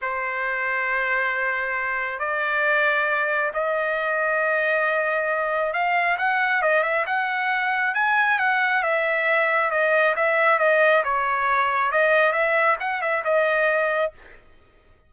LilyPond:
\new Staff \with { instrumentName = "trumpet" } { \time 4/4 \tempo 4 = 136 c''1~ | c''4 d''2. | dis''1~ | dis''4 f''4 fis''4 dis''8 e''8 |
fis''2 gis''4 fis''4 | e''2 dis''4 e''4 | dis''4 cis''2 dis''4 | e''4 fis''8 e''8 dis''2 | }